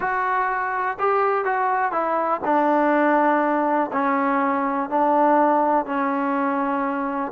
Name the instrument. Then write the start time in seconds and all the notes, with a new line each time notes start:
trombone
0.00 F#4
0.99 G4
1.44 F#4
1.92 E4
2.44 D4
3.92 C#4
4.89 D4
5.85 C#4